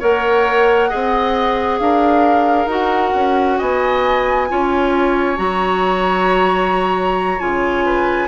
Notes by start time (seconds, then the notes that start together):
0.00 A#3 A#4 C#5 F#5
0.89 C4 G#4 D#5
1.79 D4 A#4 F5
2.66 D#4 F#4 F#5
3.15 C#4
3.58 B3 D#5 G#5
4.49 C#4 F4 C#5
5.37 F#3 F#4 A#5
7.39 C#3 F4 G#5
7.86 B4